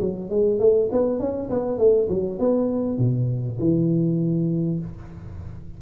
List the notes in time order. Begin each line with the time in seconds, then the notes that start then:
0.00 F#3
0.30 G#3
0.59 A3
0.92 B3
1.19 C#4
1.50 B3
1.78 A3
2.09 F#3
2.39 B3
2.98 B2
3.59 E3